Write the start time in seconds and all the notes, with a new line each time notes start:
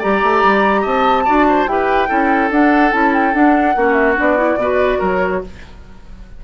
0.00 G3 G4 D5 A#5
0.23 A3
0.44 G3
0.82 C4 D#5 A5
1.26 D4 F#4 D5
1.49 C5
1.67 E4 G4 B4 G5
2.08 C#4 E4 A4
2.51 D4 F#5
2.92 C#4 E4 A5
3.14 G5
3.33 D4 F#5
3.76 A#3 C#4 F#4
3.94 E5
4.16 B3 D4 D5
4.37 E4
4.56 B2 F#4 B4
4.99 F#3 A#4 C#5